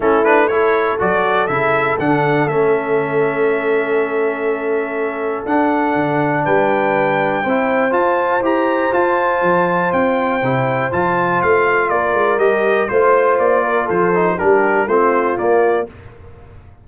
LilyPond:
<<
  \new Staff \with { instrumentName = "trumpet" } { \time 4/4 \tempo 4 = 121 a'8 b'8 cis''4 d''4 e''4 | fis''4 e''2.~ | e''2. fis''4~ | fis''4 g''2. |
a''4 ais''4 a''2 | g''2 a''4 f''4 | d''4 dis''4 c''4 d''4 | c''4 ais'4 c''4 d''4 | }
  \new Staff \with { instrumentName = "horn" } { \time 4/4 e'4 a'2.~ | a'1~ | a'1~ | a'4 b'2 c''4~ |
c''1~ | c''1 | ais'2 c''4. ais'8 | a'4 g'4 f'2 | }
  \new Staff \with { instrumentName = "trombone" } { \time 4/4 cis'8 d'8 e'4 fis'4 e'4 | d'4 cis'2.~ | cis'2. d'4~ | d'2. e'4 |
f'4 g'4 f'2~ | f'4 e'4 f'2~ | f'4 g'4 f'2~ | f'8 dis'8 d'4 c'4 ais4 | }
  \new Staff \with { instrumentName = "tuba" } { \time 4/4 a2 fis4 cis4 | d4 a2.~ | a2. d'4 | d4 g2 c'4 |
f'4 e'4 f'4 f4 | c'4 c4 f4 a4 | ais8 gis8 g4 a4 ais4 | f4 g4 a4 ais4 | }
>>